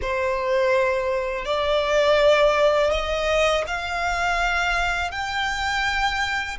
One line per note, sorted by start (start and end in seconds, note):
0.01 1.45 C5
1.45 2.91 D5
2.91 3.64 D#5
3.67 5.11 F5
5.11 6.57 G5